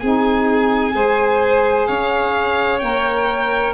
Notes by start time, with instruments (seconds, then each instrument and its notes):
0.00 tuba C4, saxophone D#4, violin G#4 G#5
0.92 tuba G#3, saxophone G#4, violin C5
1.87 tuba C#4, violin C#5 F5
2.79 tuba A#3, saxophone A#4, violin G5